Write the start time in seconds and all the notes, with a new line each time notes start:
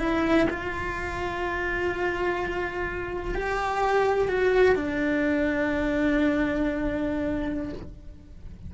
0.00 E4
0.50 F4
3.35 G4
4.29 F#4
4.76 D4